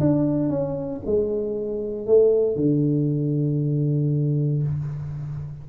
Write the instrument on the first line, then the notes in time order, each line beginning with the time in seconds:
tuba
0.00 D4
0.49 C#4
1.06 G#3
2.07 A3
2.56 D3